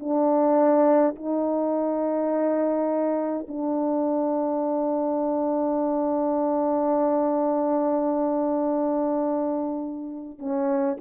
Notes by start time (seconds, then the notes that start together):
0.00 D4
1.16 D#4
3.48 D4
10.39 C#4